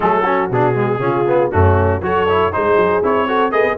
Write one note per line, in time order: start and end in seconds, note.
0.00 0.50 F#3
0.00 0.23 A3
0.00 0.23 G#4
0.00 0.51 A4
0.23 0.50 C#4
0.23 0.99 F#4
0.50 0.99 B2
0.50 0.75 D4
0.50 1.51 G#4
0.75 0.99 G#3
0.99 1.49 C#3
0.99 1.24 C#4
0.99 1.52 F4
1.27 1.51 B3
1.51 2.01 F#2
1.51 2.01 A3
1.51 2.02 C#4
1.51 2.01 F#4
2.01 2.52 F#3
2.01 2.27 F#4
2.01 2.54 A4
2.01 2.53 C#5
2.28 2.52 E4
2.52 2.76 G#3
2.52 3.02 D#4
2.52 3.27 G#4
2.52 3.03 C5
2.76 3.01 F#3
3.03 3.52 C4
3.03 3.28 E4
3.03 3.51 C#5
3.27 3.51 F#4
3.27 3.52 A4
3.51 3.63 A3
3.51 3.77 G#4
3.51 3.77 B4
3.51 3.76 D#5
3.63 3.76 B3